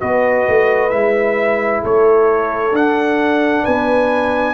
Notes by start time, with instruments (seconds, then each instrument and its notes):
0.00 tuba B3, trombone F#4, horn B4, trumpet D#5
0.48 tuba A3
0.90 tuba G#3, trombone E4, trumpet E5
1.82 tuba A3, horn A4, trumpet C#5
2.72 tuba D4, trombone D4, trumpet F#5
3.63 tuba B3, horn B4, trumpet G#5